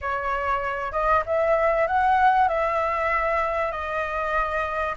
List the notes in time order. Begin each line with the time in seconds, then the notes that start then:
0.01 C#5
0.92 D#5
1.26 E5
1.87 F#5
2.48 E5
3.71 D#5